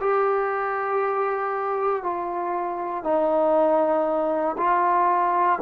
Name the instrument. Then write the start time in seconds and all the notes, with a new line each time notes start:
trombone
0.00 G4
2.02 F4
3.03 D#4
4.57 F4